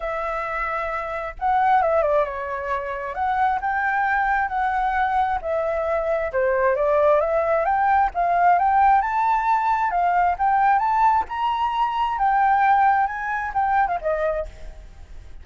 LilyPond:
\new Staff \with { instrumentName = "flute" } { \time 4/4 \tempo 4 = 133 e''2. fis''4 | e''8 d''8 cis''2 fis''4 | g''2 fis''2 | e''2 c''4 d''4 |
e''4 g''4 f''4 g''4 | a''2 f''4 g''4 | a''4 ais''2 g''4~ | g''4 gis''4 g''8. f''16 dis''4 | }